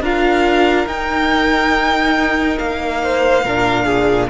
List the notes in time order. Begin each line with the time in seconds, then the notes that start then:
0.00 D4 F4 A#4 F5
0.86 D#4 G5
2.58 A#3 F5
3.03 C5
3.44 A#2 D4 A#4
3.85 G#4